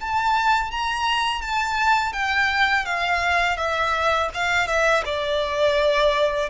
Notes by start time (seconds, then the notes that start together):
0.00 A5
0.71 A#5
1.42 A5
2.13 G5
2.85 F5
3.57 E5
4.34 F5
4.67 E5
5.05 D5